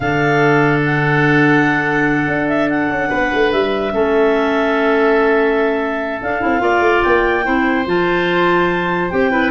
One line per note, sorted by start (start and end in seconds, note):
0.00 2.27 D3
0.00 3.91 D4
0.00 3.09 A4
0.00 0.79 F5
0.85 2.48 F#5
2.27 2.88 D4
2.48 2.69 E5
2.69 3.52 F#5
2.88 3.09 C#4
3.09 3.32 B3
3.09 3.92 B4
3.33 3.52 A3
3.52 3.93 G3
3.52 6.21 E5
3.91 6.21 A3
3.91 6.19 C#4
3.91 6.62 A4
6.22 6.43 D4
6.22 6.40 D4
6.22 7.03 F5
6.40 6.61 C4
6.40 6.59 E4
6.59 6.80 A#3
6.59 7.42 F4
6.59 7.45 D5
6.80 7.01 A3
7.03 7.46 A#3
7.03 7.85 G5
7.43 7.86 C4
7.43 7.85 E4
7.43 9.30 C5
7.86 9.10 F3
7.86 9.10 F4
7.86 9.09 A5
9.09 9.51 C4
9.09 9.31 G4
9.09 9.51 G5
9.30 9.51 E4
9.30 9.51 B4